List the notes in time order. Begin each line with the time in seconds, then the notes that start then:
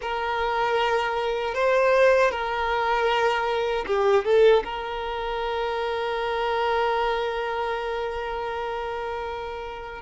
0.01 A#4
1.54 C5
2.31 A#4
3.86 G4
4.24 A4
4.64 A#4